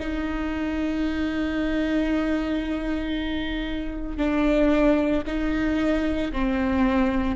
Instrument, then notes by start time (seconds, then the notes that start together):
viola
0.00 D#4
4.18 D4
5.27 D#4
6.33 C4